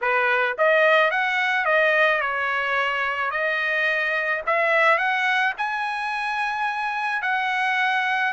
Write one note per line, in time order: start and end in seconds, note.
0.01 0.56 B4
0.57 1.11 D#5
1.11 1.65 F#5
1.65 2.20 D#5
2.20 3.30 C#5
3.30 4.41 D#5
4.46 4.97 E5
4.97 5.53 F#5
5.57 7.22 G#5
7.22 8.33 F#5